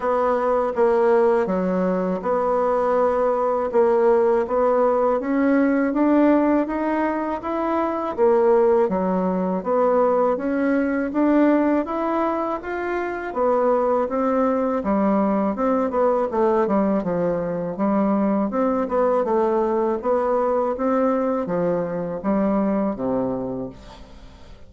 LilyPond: \new Staff \with { instrumentName = "bassoon" } { \time 4/4 \tempo 4 = 81 b4 ais4 fis4 b4~ | b4 ais4 b4 cis'4 | d'4 dis'4 e'4 ais4 | fis4 b4 cis'4 d'4 |
e'4 f'4 b4 c'4 | g4 c'8 b8 a8 g8 f4 | g4 c'8 b8 a4 b4 | c'4 f4 g4 c4 | }